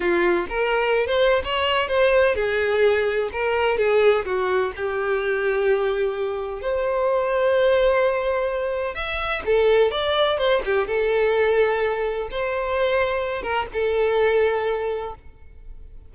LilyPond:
\new Staff \with { instrumentName = "violin" } { \time 4/4 \tempo 4 = 127 f'4 ais'4~ ais'16 c''8. cis''4 | c''4 gis'2 ais'4 | gis'4 fis'4 g'2~ | g'2 c''2~ |
c''2. e''4 | a'4 d''4 c''8 g'8 a'4~ | a'2 c''2~ | c''8 ais'8 a'2. | }